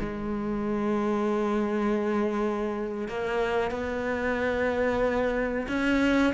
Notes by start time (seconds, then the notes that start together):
0.00 G#3
3.08 A#3
3.71 B3
5.69 C#4